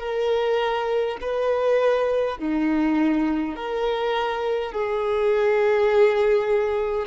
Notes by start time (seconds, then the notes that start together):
0.00 A#4
1.21 B4
2.38 D#4
3.56 A#4
4.72 G#4